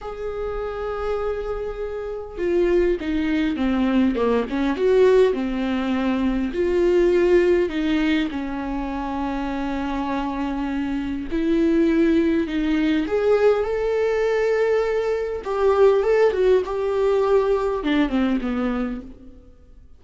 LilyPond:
\new Staff \with { instrumentName = "viola" } { \time 4/4 \tempo 4 = 101 gis'1 | f'4 dis'4 c'4 ais8 cis'8 | fis'4 c'2 f'4~ | f'4 dis'4 cis'2~ |
cis'2. e'4~ | e'4 dis'4 gis'4 a'4~ | a'2 g'4 a'8 fis'8 | g'2 d'8 c'8 b4 | }